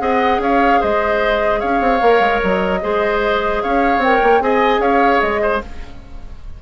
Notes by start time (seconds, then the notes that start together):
0.00 C4 G#4 D#5 F#5
0.39 C#4 C#5 F5
0.81 G#3 C5 D#5
1.60 C#4 C#5 F5
1.81 C4
2.01 A#3 A#4
2.20 G#3
2.44 F#3 D#5
2.82 G#3 G#4 C5
3.63 C#4 C#5 F5
3.98 C4 A#4 G5
4.23 A#3
4.41 C4 G#4 D#5 G#5
4.79 C#4 C#5 F5
5.21 G#3 D#5
5.42 C5